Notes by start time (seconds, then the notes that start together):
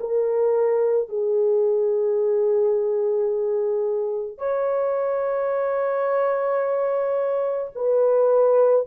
0.00 A#4
1.09 G#4
4.38 C#5
7.75 B4